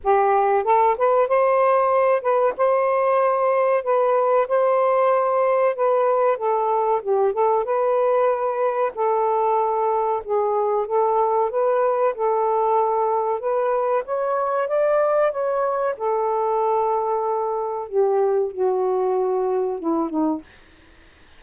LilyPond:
\new Staff \with { instrumentName = "saxophone" } { \time 4/4 \tempo 4 = 94 g'4 a'8 b'8 c''4. b'8 | c''2 b'4 c''4~ | c''4 b'4 a'4 g'8 a'8 | b'2 a'2 |
gis'4 a'4 b'4 a'4~ | a'4 b'4 cis''4 d''4 | cis''4 a'2. | g'4 fis'2 e'8 dis'8 | }